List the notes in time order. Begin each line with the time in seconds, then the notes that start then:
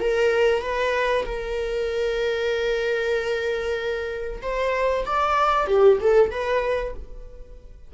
0.00 A#4
0.61 B4
1.25 A#4
4.42 C5
5.05 D5
5.67 G4
6.00 A4
6.30 B4